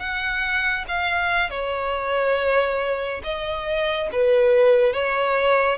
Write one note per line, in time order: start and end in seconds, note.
0.00 0.86 F#5
0.89 1.51 F5
1.51 3.22 C#5
3.24 4.10 D#5
4.13 4.94 B4
4.94 5.78 C#5